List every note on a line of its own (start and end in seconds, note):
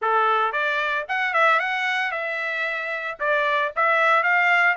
0.01 0.52 A4
0.52 1.05 D5
1.08 1.33 F#5
1.33 1.59 E5
1.59 2.11 F#5
2.11 3.17 E5
3.19 3.72 D5
3.76 4.23 E5
4.23 4.76 F5